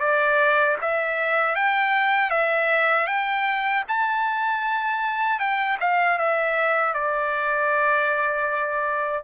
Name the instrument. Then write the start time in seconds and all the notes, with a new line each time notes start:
trumpet
0.00 D5
0.81 E5
1.56 G5
2.30 E5
3.07 G5
3.88 A5
5.40 G5
5.80 F5
6.19 E5
6.94 D5